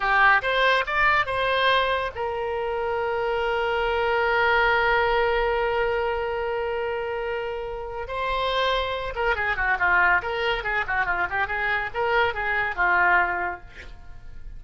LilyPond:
\new Staff \with { instrumentName = "oboe" } { \time 4/4 \tempo 4 = 141 g'4 c''4 d''4 c''4~ | c''4 ais'2.~ | ais'1~ | ais'1~ |
ais'2. c''4~ | c''4. ais'8 gis'8 fis'8 f'4 | ais'4 gis'8 fis'8 f'8 g'8 gis'4 | ais'4 gis'4 f'2 | }